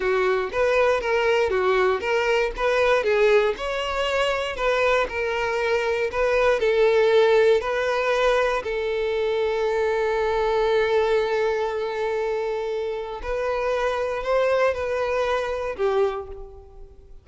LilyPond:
\new Staff \with { instrumentName = "violin" } { \time 4/4 \tempo 4 = 118 fis'4 b'4 ais'4 fis'4 | ais'4 b'4 gis'4 cis''4~ | cis''4 b'4 ais'2 | b'4 a'2 b'4~ |
b'4 a'2.~ | a'1~ | a'2 b'2 | c''4 b'2 g'4 | }